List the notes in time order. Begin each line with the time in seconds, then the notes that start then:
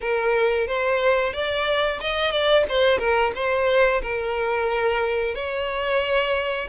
0.00 A#4
0.67 C5
1.33 D5
2.00 D#5
2.31 D5
2.68 C5
2.98 A#4
3.35 C5
4.02 A#4
5.35 C#5